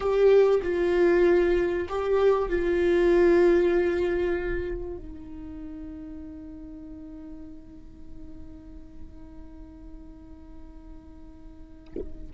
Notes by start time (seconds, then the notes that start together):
0.00 G4
0.62 F4
1.88 G4
2.49 F4
4.97 D#4